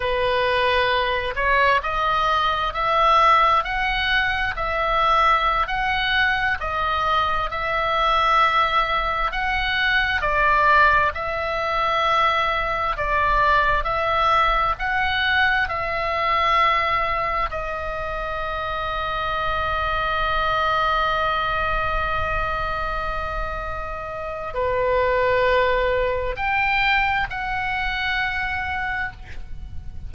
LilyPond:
\new Staff \with { instrumentName = "oboe" } { \time 4/4 \tempo 4 = 66 b'4. cis''8 dis''4 e''4 | fis''4 e''4~ e''16 fis''4 dis''8.~ | dis''16 e''2 fis''4 d''8.~ | d''16 e''2 d''4 e''8.~ |
e''16 fis''4 e''2 dis''8.~ | dis''1~ | dis''2. b'4~ | b'4 g''4 fis''2 | }